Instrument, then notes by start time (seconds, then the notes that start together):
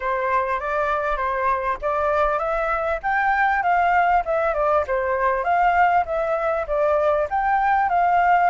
flute
0.00 C5
0.60 D5
1.17 C5
1.81 D5
2.39 E5
3.02 G5
3.62 F5
4.25 E5
4.54 D5
4.87 C5
5.44 F5
6.05 E5
6.67 D5
7.30 G5
7.89 F5